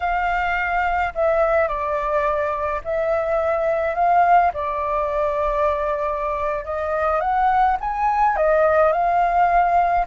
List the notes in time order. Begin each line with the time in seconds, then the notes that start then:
0.00 F5
1.14 E5
1.68 D5
2.84 E5
3.94 F5
4.53 D5
6.64 D#5
7.20 F#5
7.80 G#5
8.36 D#5
8.92 F5